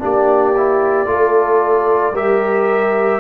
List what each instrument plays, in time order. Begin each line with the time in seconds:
0.00 tuba A#3, trombone D4, horn G4, trumpet D5
0.57 trombone E4
1.05 tuba A3, trombone F4, horn A4
2.12 tuba G3, trombone G4, horn A#4, trumpet E5